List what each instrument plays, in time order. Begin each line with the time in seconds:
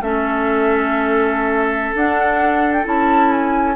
0.00 bassoon A3, clarinet C#4, oboe A4, flute E5
1.94 bassoon D4, clarinet D4, flute F#5
2.73 flute G5
2.84 bassoon C#4, clarinet E4, flute A5
3.31 flute G#5